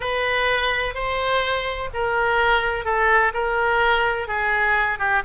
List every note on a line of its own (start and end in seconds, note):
0.00 0.94 B4
0.94 1.89 C5
1.93 2.84 A#4
2.84 3.32 A4
3.33 4.27 A#4
4.27 4.98 G#4
4.98 5.22 G4